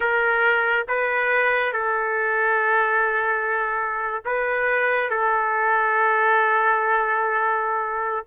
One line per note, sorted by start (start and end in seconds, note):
0.00 0.86 A#4
0.88 1.73 B4
1.73 4.23 A4
4.25 5.10 B4
5.10 8.25 A4